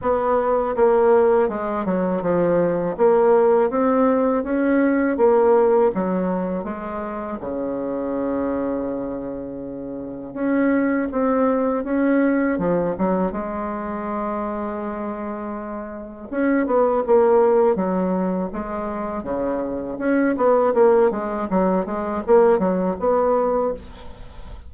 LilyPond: \new Staff \with { instrumentName = "bassoon" } { \time 4/4 \tempo 4 = 81 b4 ais4 gis8 fis8 f4 | ais4 c'4 cis'4 ais4 | fis4 gis4 cis2~ | cis2 cis'4 c'4 |
cis'4 f8 fis8 gis2~ | gis2 cis'8 b8 ais4 | fis4 gis4 cis4 cis'8 b8 | ais8 gis8 fis8 gis8 ais8 fis8 b4 | }